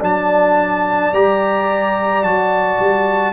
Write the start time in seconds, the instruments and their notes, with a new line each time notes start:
0.00 tuba F#3, trombone D4, horn D5, trumpet A5
1.13 tuba G3, trombone G4, trumpet A#5
2.23 tuba F#3, trombone F#4, trumpet A5
2.80 tuba G3